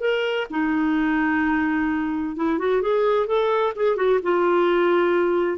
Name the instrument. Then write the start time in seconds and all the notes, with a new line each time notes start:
clarinet
0.00 A#4
0.50 D#4
2.36 E4
2.59 F#4
2.82 G#4
3.26 A4
3.75 G#4
3.96 F#4
4.22 F4